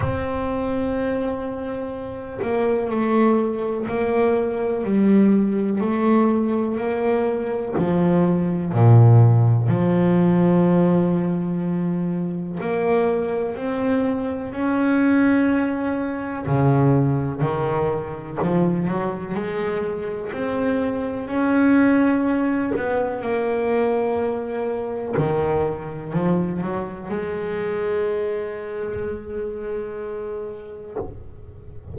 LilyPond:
\new Staff \with { instrumentName = "double bass" } { \time 4/4 \tempo 4 = 62 c'2~ c'8 ais8 a4 | ais4 g4 a4 ais4 | f4 ais,4 f2~ | f4 ais4 c'4 cis'4~ |
cis'4 cis4 dis4 f8 fis8 | gis4 c'4 cis'4. b8 | ais2 dis4 f8 fis8 | gis1 | }